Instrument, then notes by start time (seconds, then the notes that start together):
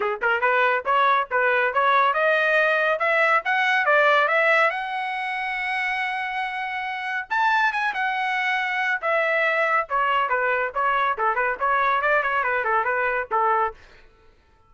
trumpet
0.00 G#4
0.21 A#4
0.41 B4
0.85 C#5
1.30 B4
1.73 C#5
2.13 D#5
2.99 E5
3.44 F#5
3.85 D5
4.27 E5
4.70 F#5
7.30 A5
7.72 G#5
7.94 F#5
9.01 E5
9.89 C#5
10.29 B4
10.74 C#5
11.17 A4
11.35 B4
11.59 C#5
12.01 D5
12.23 C#5
12.43 B4
12.64 A4
12.84 B4
13.31 A4